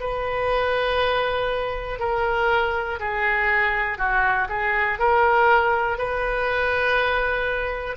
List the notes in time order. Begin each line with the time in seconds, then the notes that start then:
0.00 B4
1.99 A#4
2.99 G#4
3.98 F#4
4.48 G#4
4.99 A#4
5.98 B4